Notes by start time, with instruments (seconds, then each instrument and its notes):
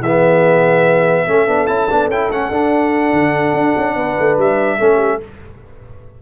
0.00 tuba E3, horn G#4, trumpet E5
0.06 trombone B3
1.27 tuba A3, trombone C#4, horn A4
1.47 tuba B3, trombone D4
1.67 tuba C#4, trombone E4, trumpet A5
1.90 tuba B3, trombone D4
2.08 tuba C#4, trombone E4, trumpet G5
2.29 tuba A3, trombone C#4, trumpet F#5
2.50 tuba D4, trombone D4
3.12 tuba D3
3.53 tuba D4
3.77 tuba C#4
3.96 tuba B3, horn B4
4.19 tuba A3
4.38 tuba G3, trumpet E5
4.78 tuba A3, trombone C#4, horn A4
4.96 horn G4